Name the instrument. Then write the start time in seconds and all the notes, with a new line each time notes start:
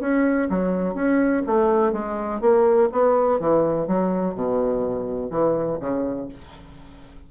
bassoon
0.00 C#4
0.50 F#3
0.95 C#4
1.46 A3
1.93 G#3
2.41 A#3
2.92 B3
3.40 E3
3.88 F#3
4.35 B2
5.31 E3
5.80 C#3